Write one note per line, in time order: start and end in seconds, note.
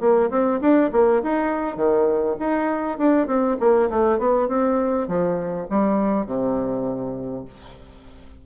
0.00 0.30 A#3
0.30 0.60 C4
0.61 0.90 D4
0.92 1.22 A#3
1.23 1.76 D#4
1.76 2.35 D#3
2.39 2.98 D#4
2.98 3.27 D4
3.27 3.56 C4
3.60 3.89 A#3
3.89 4.18 A3
4.18 4.48 B3
4.48 5.07 C4
5.08 5.67 F3
5.70 6.26 G3
6.26 7.45 C3